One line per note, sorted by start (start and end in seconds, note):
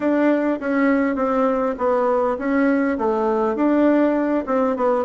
0.00 0.59 D4
0.60 1.15 C#4
1.15 1.75 C4
1.77 2.37 B3
2.38 2.97 C#4
2.98 3.55 A3
3.55 4.44 D4
4.46 4.76 C4
4.76 5.05 B3